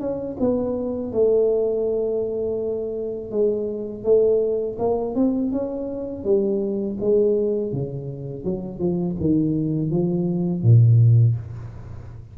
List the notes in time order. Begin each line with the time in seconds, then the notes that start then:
0.00 C#4
0.40 B3
1.12 A3
3.31 G#3
4.04 A3
4.79 A#3
5.15 C4
5.52 C#4
6.24 G3
7.00 G#3
7.72 C#3
8.44 F#3
8.79 F3
9.21 D#3
9.91 F3
10.63 A#2